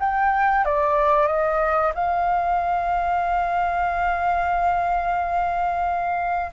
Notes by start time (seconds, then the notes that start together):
0.00 G5
0.66 D5
1.27 D#5
1.95 F5